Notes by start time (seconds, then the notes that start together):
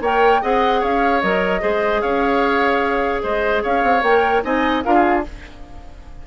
0.00 A#3 A#4 C#5 G5
0.41 C4 G#4 D#5 F#5
0.80 C#4 C#5 F5
1.21 F#3 A#4 D#5
1.60 G#3 G#4 C5
2.01 C#4 C#5 F5
3.22 G#3 C5 D#5
3.62 C#4 C#5 F5
3.83 C4
4.02 A#3 A#4 G5
4.43 C4 D#4 D#5 G#5
4.83 D4 F4 A#4 F5
4.94 G#4